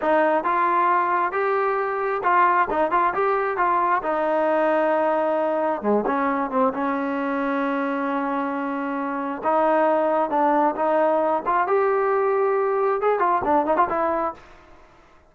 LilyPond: \new Staff \with { instrumentName = "trombone" } { \time 4/4 \tempo 4 = 134 dis'4 f'2 g'4~ | g'4 f'4 dis'8 f'8 g'4 | f'4 dis'2.~ | dis'4 gis8 cis'4 c'8 cis'4~ |
cis'1~ | cis'4 dis'2 d'4 | dis'4. f'8 g'2~ | g'4 gis'8 f'8 d'8 dis'16 f'16 e'4 | }